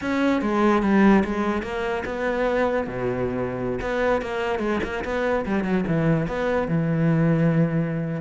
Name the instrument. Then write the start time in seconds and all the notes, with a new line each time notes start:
cello
0.01 C#4
0.41 G#3
0.82 G3
1.24 G#3
1.62 A#3
2.05 B3
2.87 B2
3.81 B3
4.21 A#3
4.59 G#3
4.83 A#3
5.04 B3
5.45 G3
5.64 F#3
5.87 E3
6.27 B3
6.68 E3